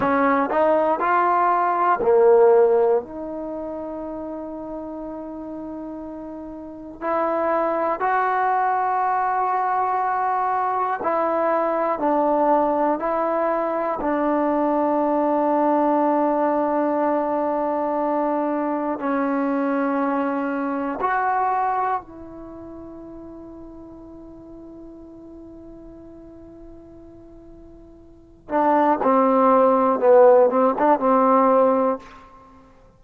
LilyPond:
\new Staff \with { instrumentName = "trombone" } { \time 4/4 \tempo 4 = 60 cis'8 dis'8 f'4 ais4 dis'4~ | dis'2. e'4 | fis'2. e'4 | d'4 e'4 d'2~ |
d'2. cis'4~ | cis'4 fis'4 e'2~ | e'1~ | e'8 d'8 c'4 b8 c'16 d'16 c'4 | }